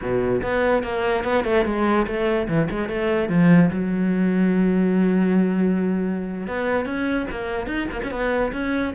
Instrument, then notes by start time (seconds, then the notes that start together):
cello
0.01 B2
0.42 B3
0.83 A#3
1.24 B3
1.44 A3
1.65 G#3
2.06 A3
2.48 E3
2.70 G#3
2.88 A3
3.28 F3
3.70 F#3
6.47 B3
6.85 C#4
7.30 A#3
7.66 D#4
7.91 A#3
8.03 C#4
8.11 B3
8.52 C#4